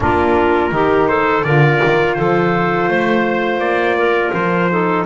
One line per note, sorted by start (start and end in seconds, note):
0.00 0.71 A#3
0.00 0.70 D4
0.00 0.74 F4
0.00 1.08 A#4
0.70 1.44 D#3
0.70 1.42 D#4
0.70 1.09 G4
1.08 1.44 A4
1.08 1.43 C5
1.43 1.81 D3
1.43 4.69 F4
1.43 2.17 A#4
1.43 2.14 D5
1.84 2.18 D#3
2.14 2.87 F3
2.14 2.89 A4
2.14 3.58 C5
2.87 3.58 A3
2.87 3.97 C5
3.58 4.30 A#3
3.58 4.32 D5
3.98 4.70 A#4
4.33 5.05 F3
4.33 5.05 C5
4.69 5.06 D#4
4.69 5.06 A4